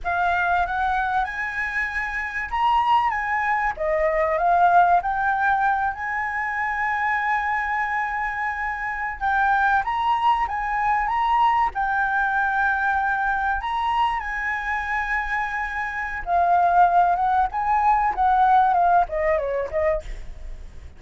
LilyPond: \new Staff \with { instrumentName = "flute" } { \time 4/4 \tempo 4 = 96 f''4 fis''4 gis''2 | ais''4 gis''4 dis''4 f''4 | g''4. gis''2~ gis''8~ | gis''2~ gis''8. g''4 ais''16~ |
ais''8. gis''4 ais''4 g''4~ g''16~ | g''4.~ g''16 ais''4 gis''4~ gis''16~ | gis''2 f''4. fis''8 | gis''4 fis''4 f''8 dis''8 cis''8 dis''8 | }